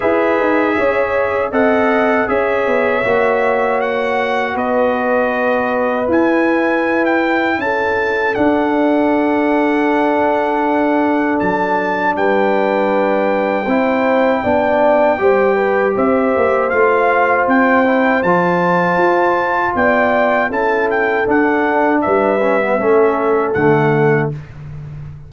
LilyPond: <<
  \new Staff \with { instrumentName = "trumpet" } { \time 4/4 \tempo 4 = 79 e''2 fis''4 e''4~ | e''4 fis''4 dis''2 | gis''4~ gis''16 g''8. a''4 fis''4~ | fis''2. a''4 |
g''1~ | g''4 e''4 f''4 g''4 | a''2 g''4 a''8 g''8 | fis''4 e''2 fis''4 | }
  \new Staff \with { instrumentName = "horn" } { \time 4/4 b'4 cis''4 dis''4 cis''4~ | cis''2 b'2~ | b'2 a'2~ | a'1 |
b'2 c''4 d''4 | c''8 b'8 c''2.~ | c''2 d''4 a'4~ | a'4 b'4 a'2 | }
  \new Staff \with { instrumentName = "trombone" } { \time 4/4 gis'2 a'4 gis'4 | fis'1 | e'2. d'4~ | d'1~ |
d'2 e'4 d'4 | g'2 f'4. e'8 | f'2. e'4 | d'4. cis'16 b16 cis'4 a4 | }
  \new Staff \with { instrumentName = "tuba" } { \time 4/4 e'8 dis'8 cis'4 c'4 cis'8 b8 | ais2 b2 | e'2 cis'4 d'4~ | d'2. fis4 |
g2 c'4 b4 | g4 c'8 ais8 a4 c'4 | f4 f'4 b4 cis'4 | d'4 g4 a4 d4 | }
>>